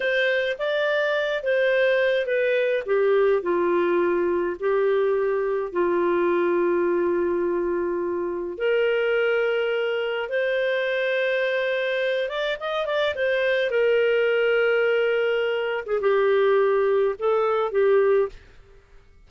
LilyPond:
\new Staff \with { instrumentName = "clarinet" } { \time 4/4 \tempo 4 = 105 c''4 d''4. c''4. | b'4 g'4 f'2 | g'2 f'2~ | f'2. ais'4~ |
ais'2 c''2~ | c''4. d''8 dis''8 d''8 c''4 | ais'2.~ ais'8. gis'16 | g'2 a'4 g'4 | }